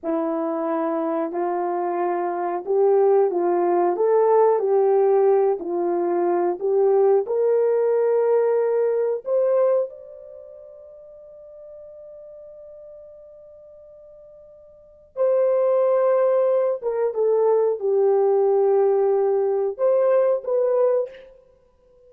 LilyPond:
\new Staff \with { instrumentName = "horn" } { \time 4/4 \tempo 4 = 91 e'2 f'2 | g'4 f'4 a'4 g'4~ | g'8 f'4. g'4 ais'4~ | ais'2 c''4 d''4~ |
d''1~ | d''2. c''4~ | c''4. ais'8 a'4 g'4~ | g'2 c''4 b'4 | }